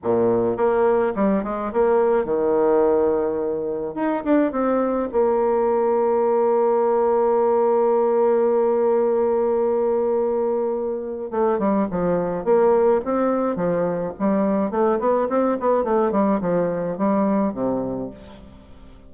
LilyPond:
\new Staff \with { instrumentName = "bassoon" } { \time 4/4 \tempo 4 = 106 ais,4 ais4 g8 gis8 ais4 | dis2. dis'8 d'8 | c'4 ais2.~ | ais1~ |
ais1 | a8 g8 f4 ais4 c'4 | f4 g4 a8 b8 c'8 b8 | a8 g8 f4 g4 c4 | }